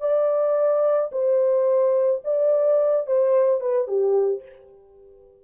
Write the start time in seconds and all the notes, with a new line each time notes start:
0.00 D5
1.12 C5
2.24 D5
3.07 C5
3.60 B4
3.87 G4